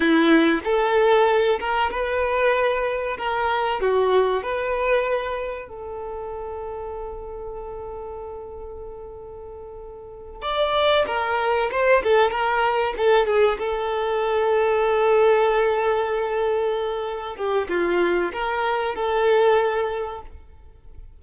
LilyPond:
\new Staff \with { instrumentName = "violin" } { \time 4/4 \tempo 4 = 95 e'4 a'4. ais'8 b'4~ | b'4 ais'4 fis'4 b'4~ | b'4 a'2.~ | a'1~ |
a'8 d''4 ais'4 c''8 a'8 ais'8~ | ais'8 a'8 gis'8 a'2~ a'8~ | a'2.~ a'8 g'8 | f'4 ais'4 a'2 | }